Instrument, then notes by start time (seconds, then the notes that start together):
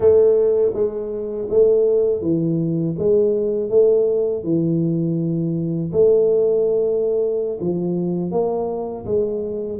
tuba
0.00 A3
0.74 G#3
1.50 A3
2.21 E3
2.98 G#3
3.69 A3
4.43 E3
5.92 A3
7.60 F3
8.31 A#3
9.05 G#3